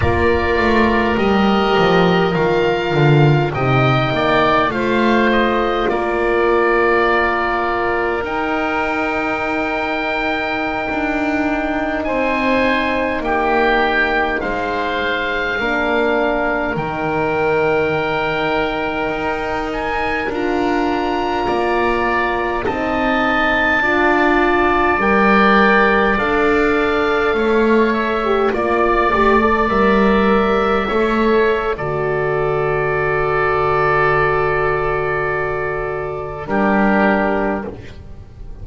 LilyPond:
<<
  \new Staff \with { instrumentName = "oboe" } { \time 4/4 \tempo 4 = 51 d''4 dis''4 f''4 g''4 | f''8 dis''8 d''2 g''4~ | g''2~ g''16 gis''4 g''8.~ | g''16 f''2 g''4.~ g''16~ |
g''8. gis''8 ais''2 a''8.~ | a''4~ a''16 g''4 f''4. e''16~ | e''16 d''4 e''4.~ e''16 d''4~ | d''2. ais'4 | }
  \new Staff \with { instrumentName = "oboe" } { \time 4/4 ais'2. dis''8 d''8 | c''4 ais'2.~ | ais'2~ ais'16 c''4 g'8.~ | g'16 c''4 ais'2~ ais'8.~ |
ais'2~ ais'16 d''4 dis''8.~ | dis''16 d''2. cis''8.~ | cis''16 d''2 cis''8. a'4~ | a'2. g'4 | }
  \new Staff \with { instrumentName = "horn" } { \time 4/4 f'4 g'4 f'4 dis'4 | f'2. dis'4~ | dis'1~ | dis'4~ dis'16 d'4 dis'4.~ dis'16~ |
dis'4~ dis'16 f'2 dis'8.~ | dis'16 f'4 ais'4 a'4.~ a'16 | g'16 f'8 g'16 a'16 ais'4 a'8. fis'4~ | fis'2. d'4 | }
  \new Staff \with { instrumentName = "double bass" } { \time 4/4 ais8 a8 g8 f8 dis8 d8 c8 ais8 | a4 ais2 dis'4~ | dis'4~ dis'16 d'4 c'4 ais8.~ | ais16 gis4 ais4 dis4.~ dis16~ |
dis16 dis'4 d'4 ais4 c'8.~ | c'16 d'4 g4 d'4 a8.~ | a16 ais8 a8 g4 a8. d4~ | d2. g4 | }
>>